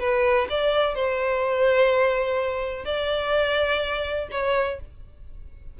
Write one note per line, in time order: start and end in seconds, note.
0.00 0.48 B4
0.50 0.95 D5
0.95 2.85 C5
2.85 4.29 D5
4.32 4.80 C#5